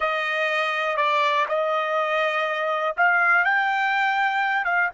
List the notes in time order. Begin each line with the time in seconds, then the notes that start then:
0.00 D#5
0.96 D5
1.48 D#5
2.96 F5
3.44 G5
4.65 F5